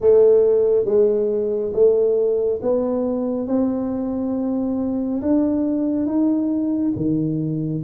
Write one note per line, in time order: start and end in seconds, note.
0.00 0.85 A3
0.85 1.72 G#3
1.73 2.60 A3
2.62 3.47 B3
3.47 5.21 C4
5.21 6.06 D4
6.06 6.92 D#4
6.96 7.83 D#3